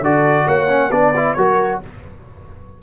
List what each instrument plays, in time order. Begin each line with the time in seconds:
0.00 tuba D3, trombone F#4, horn A4, trumpet D5
0.45 tuba A#3, horn C#5, trumpet F#5
0.68 trombone C#4
0.90 tuba B3, trombone D4, horn B4, trumpet D5
1.15 trombone E4
1.33 tuba F#3, trombone F#4, horn A#4, trumpet C#5